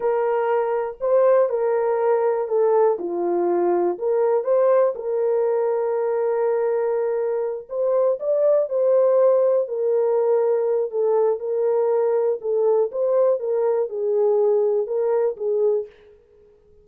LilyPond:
\new Staff \with { instrumentName = "horn" } { \time 4/4 \tempo 4 = 121 ais'2 c''4 ais'4~ | ais'4 a'4 f'2 | ais'4 c''4 ais'2~ | ais'2.~ ais'8 c''8~ |
c''8 d''4 c''2 ais'8~ | ais'2 a'4 ais'4~ | ais'4 a'4 c''4 ais'4 | gis'2 ais'4 gis'4 | }